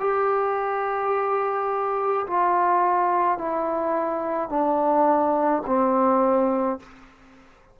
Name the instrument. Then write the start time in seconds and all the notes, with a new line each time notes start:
trombone
0.00 G4
2.27 F4
3.38 E4
4.49 D4
5.66 C4